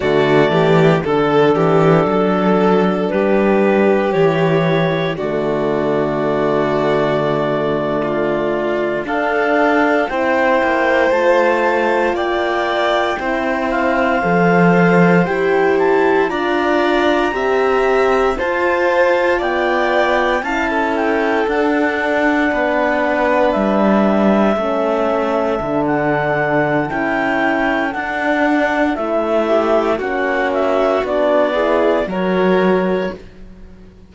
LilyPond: <<
  \new Staff \with { instrumentName = "clarinet" } { \time 4/4 \tempo 4 = 58 d''4 a'2 b'4 | cis''4 d''2.~ | d''8. f''4 g''4 a''4 g''16~ | g''4~ g''16 f''4. g''8 a''8 ais''16~ |
ais''4.~ ais''16 a''4 g''4 a''16~ | a''16 g''8 fis''2 e''4~ e''16~ | e''4 fis''4 g''4 fis''4 | e''4 fis''8 e''8 d''4 cis''4 | }
  \new Staff \with { instrumentName = "violin" } { \time 4/4 fis'8 g'8 a'8 g'8 a'4 g'4~ | g'4 fis'2~ fis'8. f'16~ | f'8. a'4 c''2 d''16~ | d''8. c''2. d''16~ |
d''8. e''4 c''4 d''4 f''16 | a'4.~ a'16 b'2 a'16~ | a'1~ | a'8 g'8 fis'4. gis'8 ais'4 | }
  \new Staff \with { instrumentName = "horn" } { \time 4/4 a4 d'2. | e'4 a2.~ | a8. d'4 e'4 f'4~ f'16~ | f'8. e'4 a'4 g'4 f'16~ |
f'8. g'4 f'2 e'16~ | e'8. d'2. cis'16~ | cis'8. d'4~ d'16 e'4 d'4 | e'4 cis'4 d'8 e'8 fis'4 | }
  \new Staff \with { instrumentName = "cello" } { \time 4/4 d8 e8 d8 e8 fis4 g4 | e4 d2.~ | d8. d'4 c'8 ais8 a4 ais16~ | ais8. c'4 f4 e'4 d'16~ |
d'8. c'4 f'4 b4 cis'16~ | cis'8. d'4 b4 g4 a16~ | a8. d4~ d16 cis'4 d'4 | a4 ais4 b4 fis4 | }
>>